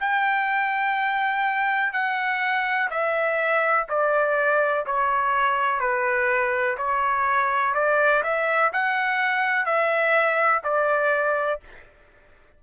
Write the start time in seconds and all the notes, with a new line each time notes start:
0.00 G5
1.93 F#5
2.90 E5
3.89 D5
4.86 C#5
5.80 B4
6.77 C#5
7.74 D5
8.23 E5
8.73 F#5
9.66 E5
10.64 D5